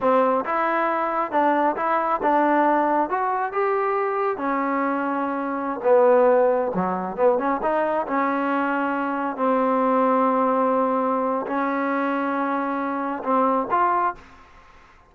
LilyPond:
\new Staff \with { instrumentName = "trombone" } { \time 4/4 \tempo 4 = 136 c'4 e'2 d'4 | e'4 d'2 fis'4 | g'2 cis'2~ | cis'4~ cis'16 b2 fis8.~ |
fis16 b8 cis'8 dis'4 cis'4.~ cis'16~ | cis'4~ cis'16 c'2~ c'8.~ | c'2 cis'2~ | cis'2 c'4 f'4 | }